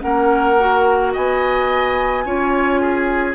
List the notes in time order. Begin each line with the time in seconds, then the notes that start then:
0.00 A#3 C#4 A#4 F#5
0.59 F#4
1.13 B3 D#5 G#5
2.25 C#4 F4 C#5
2.81 G#4